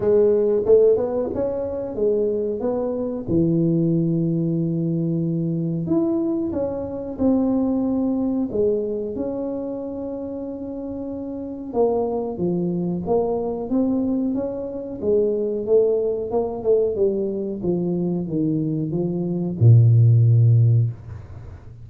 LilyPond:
\new Staff \with { instrumentName = "tuba" } { \time 4/4 \tempo 4 = 92 gis4 a8 b8 cis'4 gis4 | b4 e2.~ | e4 e'4 cis'4 c'4~ | c'4 gis4 cis'2~ |
cis'2 ais4 f4 | ais4 c'4 cis'4 gis4 | a4 ais8 a8 g4 f4 | dis4 f4 ais,2 | }